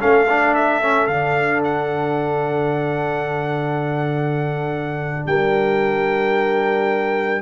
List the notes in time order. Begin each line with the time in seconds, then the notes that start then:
0.00 A3 C#4 A4 F5
0.29 D4
0.54 E5
0.82 C#4
1.07 D3 D4 F5
1.64 F#5
5.26 G3 A#4 G5